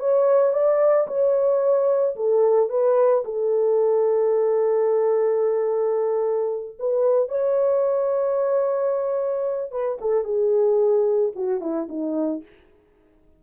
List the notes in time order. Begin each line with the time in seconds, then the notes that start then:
0.00 C#5
0.53 D5
1.08 C#5
2.16 A4
2.70 B4
3.25 A4
6.79 B4
7.29 C#5
9.72 B4
10.01 A4
10.25 G#4
11.36 F#4
11.61 E4
11.89 D#4